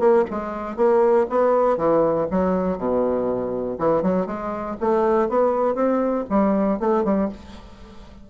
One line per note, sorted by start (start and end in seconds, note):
0.00 0.25 A#3
0.31 0.77 G#3
0.77 1.27 A#3
1.30 1.78 B3
1.78 2.28 E3
2.31 2.79 F#3
2.79 3.79 B2
3.79 4.03 E3
4.03 4.27 F#3
4.27 4.77 G#3
4.81 5.29 A3
5.29 5.75 B3
5.75 6.25 C4
6.30 6.80 G3
6.80 7.05 A3
7.05 7.30 G3